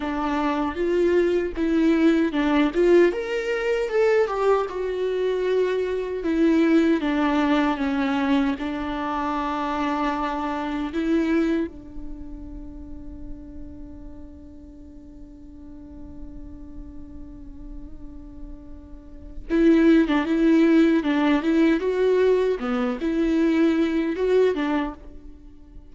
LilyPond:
\new Staff \with { instrumentName = "viola" } { \time 4/4 \tempo 4 = 77 d'4 f'4 e'4 d'8 f'8 | ais'4 a'8 g'8 fis'2 | e'4 d'4 cis'4 d'4~ | d'2 e'4 d'4~ |
d'1~ | d'1~ | d'4 e'8. d'16 e'4 d'8 e'8 | fis'4 b8 e'4. fis'8 d'8 | }